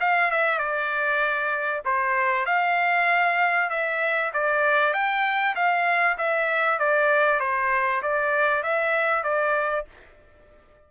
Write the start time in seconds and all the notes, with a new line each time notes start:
0.00 F5
0.31 E5
0.58 D5
1.85 C5
2.46 F5
3.70 E5
4.33 D5
4.93 G5
5.55 F5
6.17 E5
6.79 D5
7.39 C5
8.02 D5
8.63 E5
9.23 D5